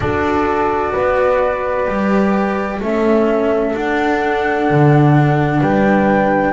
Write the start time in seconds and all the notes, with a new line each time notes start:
0.00 D4 F#4 A4 D5
0.92 B3 B4
1.87 G3 G4
2.80 A3 C#4 A4 E5
3.74 D4 F#5
4.70 D3
5.59 G3 B4 G5